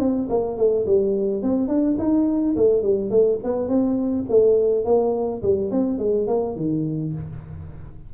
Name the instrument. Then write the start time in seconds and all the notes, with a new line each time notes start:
tuba
0.00 C4
0.30 A#3
0.58 A3
0.86 G3
1.43 C4
1.69 D4
1.99 D#4
2.56 A3
2.83 G3
3.11 A3
3.44 B3
3.69 C4
4.30 A3
4.85 A#3
5.43 G3
5.72 C4
5.99 G#3
6.28 A#3
6.57 D#3